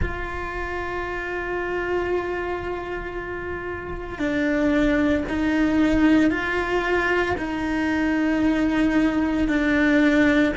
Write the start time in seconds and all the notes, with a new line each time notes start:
0.02 F4
4.18 D4
5.29 D#4
6.30 F4
7.37 D#4
9.47 D4